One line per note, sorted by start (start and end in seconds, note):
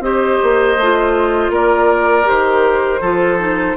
0.00 0.38 C4
0.00 0.78 G4
0.00 1.53 C5
0.00 1.52 D#5
0.43 0.77 A#3
0.77 1.50 A3
0.77 2.25 F4
1.50 2.25 A#3
1.50 3.01 A#4
1.50 2.29 D5
2.25 3.01 D#3
2.25 3.00 G4
2.25 3.77 C5
3.01 3.76 F3
3.01 3.39 F4
3.01 3.76 A4
3.39 3.76 D#4